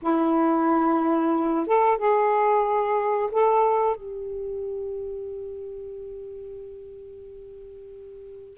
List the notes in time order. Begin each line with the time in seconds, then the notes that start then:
0.01 E4
1.66 A4
1.97 G#4
3.31 A4
3.96 G4